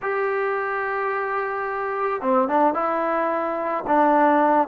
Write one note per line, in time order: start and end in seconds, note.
0.02 2.21 G4
2.21 2.48 C4
2.48 2.74 D4
2.74 3.84 E4
3.87 4.68 D4